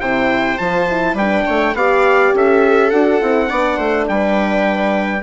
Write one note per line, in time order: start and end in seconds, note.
0.00 0.58 C3
0.00 0.58 E4
0.00 1.15 C5
0.00 0.58 G5
0.58 1.14 F3
0.58 0.88 F4
0.58 1.16 A5
0.88 1.18 E4
1.14 1.43 G3
1.14 1.44 B4
1.14 1.75 G5
1.20 1.76 D4
1.46 1.74 A3
1.46 1.75 C#5
1.74 2.32 B3
1.74 2.92 G4
1.74 2.35 D5
1.74 2.33 F5
2.34 2.92 C#4
2.34 3.49 A4
2.34 2.90 E5
2.90 3.21 D4
2.90 3.21 F#4
2.90 4.06 F#5
3.21 3.51 C4
3.21 3.47 E4
3.47 3.78 B3
3.47 5.22 D4
3.47 3.77 D5
3.77 4.07 A3
3.77 4.06 C5
4.08 5.23 G3
4.08 5.23 B4
4.08 5.23 G5